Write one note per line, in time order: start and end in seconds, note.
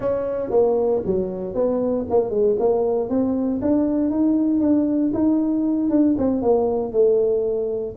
0.00 0.50 C#4
0.50 1.01 A#3
1.05 1.54 F#3
1.54 2.05 B3
2.10 2.30 A#3
2.30 2.55 G#3
2.59 3.09 A#3
3.09 3.60 C4
3.61 4.10 D4
4.10 4.60 D#4
4.60 5.11 D4
5.13 5.90 D#4
5.90 6.15 D4
6.17 6.41 C4
6.41 6.92 A#3
6.92 7.95 A3